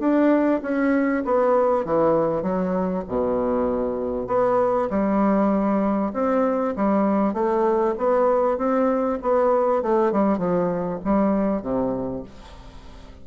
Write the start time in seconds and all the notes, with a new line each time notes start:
0.00 D4
0.63 C#4
1.25 B3
1.85 E3
2.43 F#3
3.08 B2
4.27 B3
4.90 G3
6.14 C4
6.76 G3
7.34 A3
7.98 B3
8.58 C4
9.22 B3
9.83 A3
10.12 G3
10.38 F3
11.05 G3
11.62 C3